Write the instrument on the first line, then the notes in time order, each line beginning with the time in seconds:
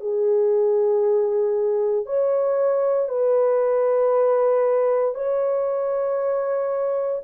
horn
0.00 G#4
2.06 C#5
3.08 B4
5.14 C#5